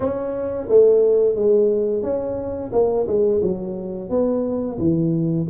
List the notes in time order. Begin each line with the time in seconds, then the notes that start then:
0.00 C#4
0.68 A3
1.35 G#3
2.03 C#4
2.72 A#3
3.07 G#3
3.42 F#3
4.09 B3
4.78 E3